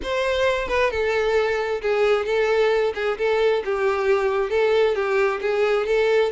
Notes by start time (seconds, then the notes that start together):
0.02 C5
0.68 B4
0.90 A4
1.81 G#4
2.25 A4
2.94 G#4
3.18 A4
3.64 G4
4.50 A4
4.95 G4
5.41 G#4
5.86 A4